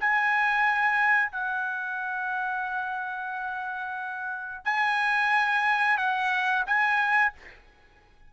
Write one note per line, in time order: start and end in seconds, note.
0.00 1.32 G#5
1.32 4.65 F#5
4.65 5.98 G#5
5.98 6.64 F#5
6.66 7.33 G#5